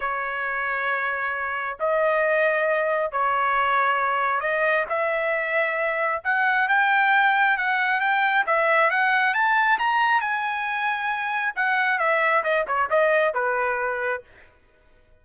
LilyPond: \new Staff \with { instrumentName = "trumpet" } { \time 4/4 \tempo 4 = 135 cis''1 | dis''2. cis''4~ | cis''2 dis''4 e''4~ | e''2 fis''4 g''4~ |
g''4 fis''4 g''4 e''4 | fis''4 a''4 ais''4 gis''4~ | gis''2 fis''4 e''4 | dis''8 cis''8 dis''4 b'2 | }